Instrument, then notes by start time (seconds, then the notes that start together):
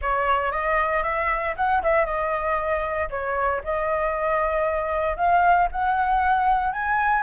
flute
0.01 C#5
0.51 D#5
1.03 E5
1.56 F#5
1.82 E5
2.05 D#5
3.09 C#5
3.64 D#5
5.16 F5
5.71 F#5
6.72 G#5